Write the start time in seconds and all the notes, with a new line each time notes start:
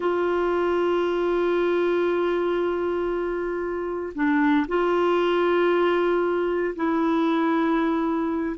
0.00 F4
4.14 D4
4.68 F4
6.75 E4